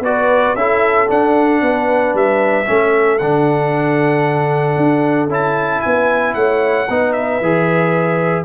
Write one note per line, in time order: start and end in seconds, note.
0.00 0.53 B3
0.00 0.56 F#4
0.00 0.57 B4
0.00 0.56 D5
0.55 1.08 C#4
0.55 1.08 E4
0.55 1.63 A4
0.55 1.08 E5
1.08 2.66 D4
1.08 1.62 D4
1.08 2.16 F#5
1.62 2.14 B3
1.62 2.69 B4
2.14 2.67 G3
2.14 3.18 E5
2.66 3.21 A3
2.66 3.19 C#4
2.66 5.85 A4
3.18 4.77 D3
3.18 5.30 D4
3.18 5.29 F#5
4.77 5.28 D4
5.28 5.81 C#4
5.28 6.88 E4
5.28 5.81 A5
5.81 6.36 B3
5.81 6.36 B4
5.81 6.34 G#5
6.34 6.88 A3
6.34 6.88 C#5
6.34 7.12 F#5
6.90 7.41 B3
6.90 7.43 D#4
6.90 8.45 B4
7.12 8.44 E5
7.41 8.45 E3
7.41 8.45 G#4